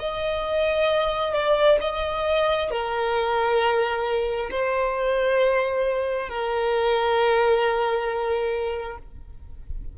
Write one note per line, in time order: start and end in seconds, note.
0.00 1.34 D#5
1.34 1.79 D5
1.82 2.71 D#5
2.71 4.50 A#4
4.51 6.30 C5
6.30 8.98 A#4